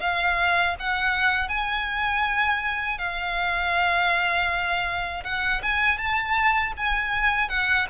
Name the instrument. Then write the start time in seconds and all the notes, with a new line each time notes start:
violin
0.00 F5
0.79 F#5
1.48 G#5
2.98 F5
5.24 F#5
5.62 G#5
5.97 A5
6.76 G#5
7.49 F#5